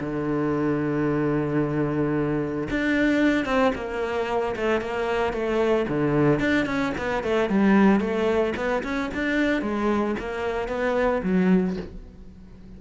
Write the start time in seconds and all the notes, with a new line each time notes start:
0.00 D3
2.70 D4
3.45 C4
3.75 A#3
4.56 A3
4.81 A#3
5.33 A3
5.88 D3
6.39 D4
6.65 C#4
6.97 B3
7.23 A3
7.49 G3
8.00 A3
8.56 B3
8.83 C#4
9.14 D4
9.62 G#3
10.19 A#3
10.68 B3
11.23 F#3